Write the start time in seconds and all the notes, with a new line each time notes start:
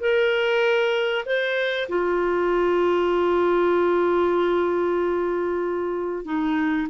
0.00 A#4
1.26 C5
1.89 F4
6.25 D#4